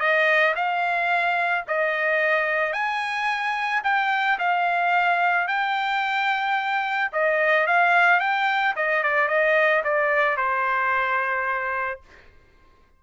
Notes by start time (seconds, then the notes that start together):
0.00 D#5
0.56 F5
1.68 D#5
2.73 G#5
3.84 G5
4.39 F5
5.47 G5
7.13 D#5
7.67 F5
8.20 G5
8.76 D#5
9.03 D5
9.28 D#5
9.84 D5
10.37 C5